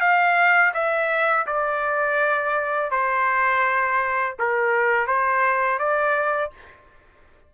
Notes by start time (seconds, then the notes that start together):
0.00 F5
0.74 E5
1.47 D5
2.91 C5
4.39 A#4
5.07 C5
5.79 D5